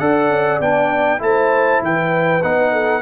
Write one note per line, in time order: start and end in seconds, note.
0.00 0.30 D4
0.00 0.61 A4
0.00 1.23 D5
0.00 0.61 F#5
0.30 0.60 C#4
0.61 1.21 B3
0.61 1.19 D4
0.61 1.22 G5
1.19 1.81 A3
1.19 2.40 E4
1.19 1.85 C5
1.19 1.83 A5
1.82 2.43 E3
1.82 2.72 B4
1.82 2.43 G5
2.43 3.03 B3
2.43 3.03 D#4
2.43 3.03 F#5
2.72 3.03 A4